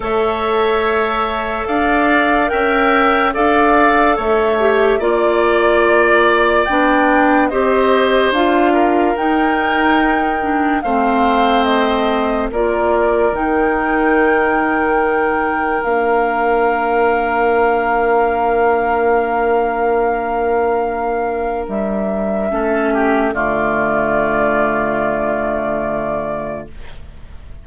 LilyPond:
<<
  \new Staff \with { instrumentName = "flute" } { \time 4/4 \tempo 4 = 72 e''2 f''4 g''4 | f''4 e''4 d''2 | g''4 dis''4 f''4 g''4~ | g''4 f''4 dis''4 d''4 |
g''2. f''4~ | f''1~ | f''2 e''2 | d''1 | }
  \new Staff \with { instrumentName = "oboe" } { \time 4/4 cis''2 d''4 e''4 | d''4 cis''4 d''2~ | d''4 c''4. ais'4.~ | ais'4 c''2 ais'4~ |
ais'1~ | ais'1~ | ais'2. a'8 g'8 | f'1 | }
  \new Staff \with { instrumentName = "clarinet" } { \time 4/4 a'2. ais'4 | a'4. g'8 f'2 | d'4 g'4 f'4 dis'4~ | dis'8 d'8 c'2 f'4 |
dis'2. d'4~ | d'1~ | d'2. cis'4 | a1 | }
  \new Staff \with { instrumentName = "bassoon" } { \time 4/4 a2 d'4 cis'4 | d'4 a4 ais2 | b4 c'4 d'4 dis'4~ | dis'4 a2 ais4 |
dis2. ais4~ | ais1~ | ais2 g4 a4 | d1 | }
>>